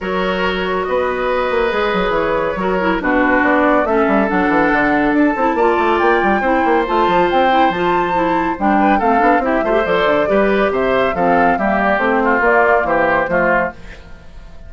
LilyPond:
<<
  \new Staff \with { instrumentName = "flute" } { \time 4/4 \tempo 4 = 140 cis''2 dis''2~ | dis''4 cis''2 b'4 | d''4 e''4 fis''2 | a''2 g''2 |
a''4 g''4 a''2 | g''4 f''4 e''4 d''4~ | d''4 e''4 f''4 e''8 d''8 | c''4 d''4 c''2 | }
  \new Staff \with { instrumentName = "oboe" } { \time 4/4 ais'2 b'2~ | b'2 ais'4 fis'4~ | fis'4 a'2.~ | a'4 d''2 c''4~ |
c''1~ | c''8 b'8 a'4 g'8 c''4. | b'4 c''4 a'4 g'4~ | g'8 f'4. g'4 f'4 | }
  \new Staff \with { instrumentName = "clarinet" } { \time 4/4 fis'1 | gis'2 fis'8 e'8 d'4~ | d'4 cis'4 d'2~ | d'8 e'8 f'2 e'4 |
f'4. e'8 f'4 e'4 | d'4 c'8 d'8 e'8 f'16 g'16 a'4 | g'2 c'4 ais4 | c'4 ais2 a4 | }
  \new Staff \with { instrumentName = "bassoon" } { \time 4/4 fis2 b4. ais8 | gis8 fis8 e4 fis4 b,4 | b4 a8 g8 fis8 e8 d4 | d'8 c'8 ais8 a8 ais8 g8 c'8 ais8 |
a8 f8 c'4 f2 | g4 a8 b8 c'8 a8 f8 d8 | g4 c4 f4 g4 | a4 ais4 e4 f4 | }
>>